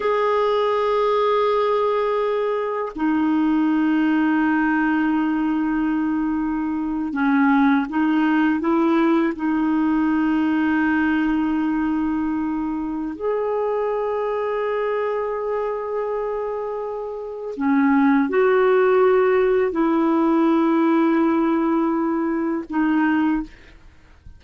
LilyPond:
\new Staff \with { instrumentName = "clarinet" } { \time 4/4 \tempo 4 = 82 gis'1 | dis'1~ | dis'4.~ dis'16 cis'4 dis'4 e'16~ | e'8. dis'2.~ dis'16~ |
dis'2 gis'2~ | gis'1 | cis'4 fis'2 e'4~ | e'2. dis'4 | }